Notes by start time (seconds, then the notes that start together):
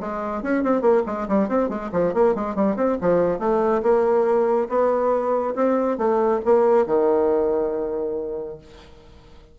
0.00 G#3
0.42 C#4
0.63 C4
0.81 A#3
1.06 G#3
1.28 G3
1.48 C4
1.69 G#3
1.92 F3
2.13 A#3
2.35 G#3
2.55 G3
2.76 C4
3.01 F3
3.39 A3
3.82 A#3
4.69 B3
5.55 C4
5.98 A3
6.45 A#3
6.86 D#3